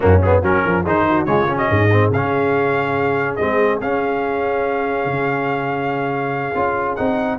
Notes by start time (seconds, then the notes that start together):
0.00 F#2 A#3 C#4 F#4
0.22 B3 G#4
0.41 F#3 C#4 F#4 A#4
0.64 F3 A#4
0.83 D#3 D#4 G#4 C5
1.09 F#4
1.25 C#3 G#3 F4 C#5
1.47 C#4
1.56 F#4 D#5
1.68 G#2 G#4
1.90 C4
2.10 C#3 C#4 F5
3.35 G#3 C4 D#5
3.80 C#4 F5
5.04 C#3
6.54 C#4 F4
6.95 C4 D#4 F#5